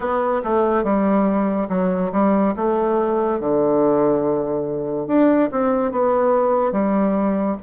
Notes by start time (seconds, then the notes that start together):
0.00 B3
0.43 A3
0.83 G3
1.69 F#3
2.12 G3
2.55 A3
3.40 D3
5.07 D4
5.51 C4
5.91 B3
6.72 G3